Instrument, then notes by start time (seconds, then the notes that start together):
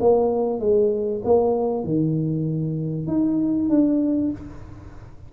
tuba
0.00 A#3
0.60 G#3
1.25 A#3
1.84 D#3
3.07 D#4
3.69 D4